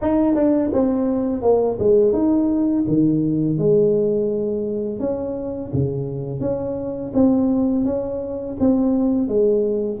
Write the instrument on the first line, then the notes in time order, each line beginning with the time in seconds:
tuba
0.01 D#4
0.34 D4
0.72 C4
1.42 A#3
1.79 G#3
2.12 D#4
2.87 D#3
3.57 G#3
4.99 C#4
5.73 C#3
6.40 C#4
7.14 C4
7.84 C#4
8.59 C4
9.28 G#3